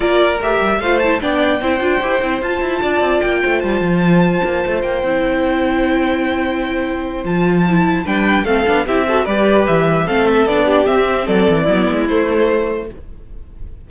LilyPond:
<<
  \new Staff \with { instrumentName = "violin" } { \time 4/4 \tempo 4 = 149 d''4 e''4 f''8 a''8 g''4~ | g''2 a''2 | g''4 a''2. | g''1~ |
g''2 a''2 | g''4 f''4 e''4 d''4 | e''4 f''8 e''8 d''4 e''4 | d''2 c''2 | }
  \new Staff \with { instrumentName = "violin" } { \time 4/4 ais'2 c''4 d''4 | c''2. d''4~ | d''8 c''2.~ c''8~ | c''1~ |
c''1 | b'4 a'4 g'8 a'8 b'4~ | b'4 a'4. g'4. | a'4 e'2. | }
  \new Staff \with { instrumentName = "viola" } { \time 4/4 f'4 g'4 f'8 e'8 d'4 | e'8 f'8 g'8 e'8 f'2~ | f'1~ | f'8 e'2.~ e'8~ |
e'2 f'4 e'4 | d'4 c'8 d'8 e'8 fis'8 g'4~ | g'4 c'4 d'4 c'4~ | c'4 b4 a2 | }
  \new Staff \with { instrumentName = "cello" } { \time 4/4 ais4 a8 g8 a4 b4 | c'8 d'8 e'8 c'8 f'8 e'8 d'8 c'8 | ais8 a8 g8 f4. ais8 a8 | ais8 c'2.~ c'8~ |
c'2 f2 | g4 a8 b8 c'4 g4 | e4 a4 b4 c'4 | fis8 e8 fis8 gis8 a2 | }
>>